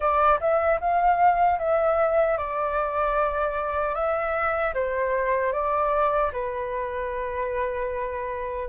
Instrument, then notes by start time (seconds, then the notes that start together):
flute
0.00 D5
0.40 E5
0.80 F5
1.59 E5
2.37 D5
3.94 E5
4.74 C5
5.52 D5
6.32 B4